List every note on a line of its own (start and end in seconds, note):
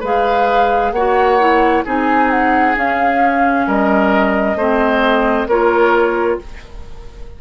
0.00 0.92 G#3
0.00 0.95 G#4
0.00 0.91 B4
0.00 0.92 F5
0.92 1.83 A#3
0.92 1.39 F#4
0.92 1.85 C#5
0.92 1.83 F#5
1.39 1.85 E4
1.85 2.77 C4
1.85 2.75 D#4
1.85 3.66 G#4
1.85 2.30 G#5
2.30 2.76 F#5
2.75 4.57 C#4
2.75 3.67 C#4
2.75 3.67 F5
3.67 4.55 G3
3.67 4.57 A#4
3.67 5.48 D#5
4.55 5.46 A3
4.55 5.50 C4
4.55 5.48 C5
5.47 6.38 A#3
5.47 6.41 F4
5.47 6.39 A#4
5.47 6.39 C#5